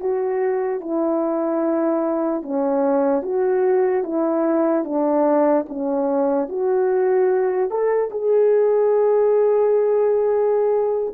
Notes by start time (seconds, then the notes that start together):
0.00 F#4
0.80 E4
2.42 C#4
3.22 F#4
4.03 E4
4.84 D4
5.69 C#4
6.48 F#4
7.70 A4
8.10 G#4